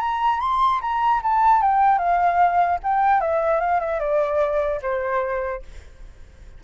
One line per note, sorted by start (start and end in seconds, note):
0.00 0.40 A#5
0.40 0.81 C6
0.81 1.22 A#5
1.23 1.62 A5
1.62 1.99 G5
1.99 2.79 F5
2.84 3.21 G5
3.21 3.61 E5
3.61 3.80 F5
3.80 4.00 E5
4.00 4.81 D5
4.82 5.63 C5